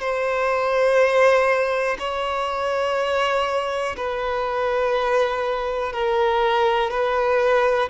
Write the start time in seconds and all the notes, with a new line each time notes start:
0.00 C5
1.99 C#5
3.97 B4
5.92 A#4
6.90 B4